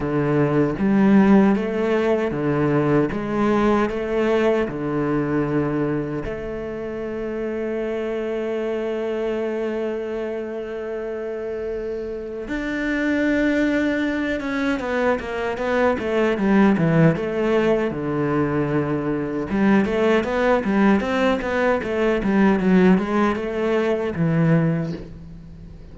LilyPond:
\new Staff \with { instrumentName = "cello" } { \time 4/4 \tempo 4 = 77 d4 g4 a4 d4 | gis4 a4 d2 | a1~ | a1 |
d'2~ d'8 cis'8 b8 ais8 | b8 a8 g8 e8 a4 d4~ | d4 g8 a8 b8 g8 c'8 b8 | a8 g8 fis8 gis8 a4 e4 | }